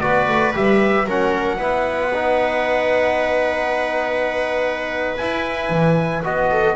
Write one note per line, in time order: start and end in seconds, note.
0.00 0.28 B3
0.00 0.54 F#4
0.00 1.08 B4
0.00 0.53 D5
0.28 0.55 A3
0.54 1.06 G3
0.54 1.07 G4
0.54 1.09 E5
1.06 1.59 F#3
1.06 1.59 C#4
1.06 1.58 A#4
1.06 5.17 F#5
1.58 5.17 B3
1.58 2.12 E4
1.58 6.49 B4
2.14 5.19 D#4
5.17 6.24 E4
5.17 5.70 E4
5.17 6.23 G#5
5.70 6.23 E3
6.24 6.76 B3
6.24 6.76 F#4
6.24 6.76 D#5
6.50 6.76 A4